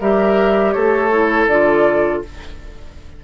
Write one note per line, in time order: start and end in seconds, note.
0.00 0.74 G3
0.00 1.12 G4
0.00 0.74 A#4
0.00 0.72 E5
0.72 1.47 A3
0.72 2.23 A4
0.72 1.46 C#5
1.12 1.49 E4
1.47 2.21 D3
1.47 2.24 F4
1.47 2.22 D5